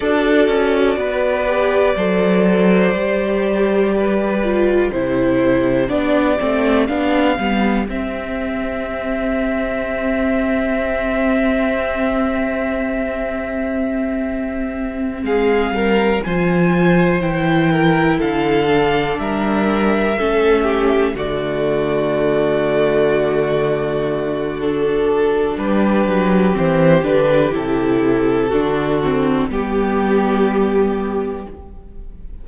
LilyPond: <<
  \new Staff \with { instrumentName = "violin" } { \time 4/4 \tempo 4 = 61 d''1~ | d''4 c''4 d''4 f''4 | e''1~ | e''2.~ e''8 f''8~ |
f''8 gis''4 g''4 f''4 e''8~ | e''4. d''2~ d''8~ | d''4 a'4 b'4 c''8 b'8 | a'2 g'2 | }
  \new Staff \with { instrumentName = "violin" } { \time 4/4 a'4 b'4 c''2 | b'4 g'2.~ | g'1~ | g'2.~ g'8 gis'8 |
ais'8 c''4. ais'8 a'4 ais'8~ | ais'8 a'8 g'8 fis'2~ fis'8~ | fis'2 g'2~ | g'4 fis'4 g'2 | }
  \new Staff \with { instrumentName = "viola" } { \time 4/4 fis'4. g'8 a'4 g'4~ | g'8 f'8 e'4 d'8 c'8 d'8 b8 | c'1~ | c'1~ |
c'8 f'4 e'4. d'4~ | d'8 cis'4 a2~ a8~ | a4 d'2 c'8 d'8 | e'4 d'8 c'8 b2 | }
  \new Staff \with { instrumentName = "cello" } { \time 4/4 d'8 cis'8 b4 fis4 g4~ | g4 c4 b8 a8 b8 g8 | c'1~ | c'2.~ c'8 gis8 |
g8 f4 e4 d4 g8~ | g8 a4 d2~ d8~ | d2 g8 fis8 e8 d8 | c4 d4 g2 | }
>>